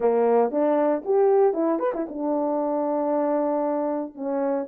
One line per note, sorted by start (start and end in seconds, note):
0.00 0.51 A#3
0.51 1.03 D4
1.04 1.53 G4
1.53 1.79 E4
1.79 1.92 B4
1.94 2.07 E4
2.08 4.14 D4
4.14 4.66 C#4